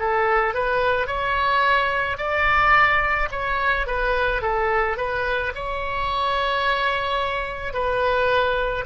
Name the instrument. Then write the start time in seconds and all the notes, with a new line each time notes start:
oboe
0.00 A4
0.55 B4
1.08 C#5
2.18 D5
3.32 C#5
3.87 B4
4.42 A4
4.97 B4
5.56 C#5
7.74 B4